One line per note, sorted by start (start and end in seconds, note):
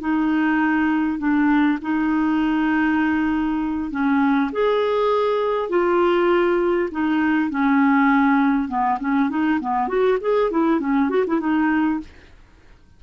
0.00 1.18 D#4
1.18 1.78 D4
1.82 3.91 D#4
3.91 4.51 C#4
4.52 5.69 G#4
5.69 6.89 F4
6.91 7.50 D#4
7.50 8.68 C#4
8.68 8.98 B3
9.00 9.29 C#4
9.29 9.59 D#4
9.60 9.88 B3
9.88 10.18 F#4
10.21 10.51 G#4
10.51 10.80 E4
10.80 11.09 C#4
11.09 11.24 F#4
11.27 11.40 E4
11.40 12.00 D#4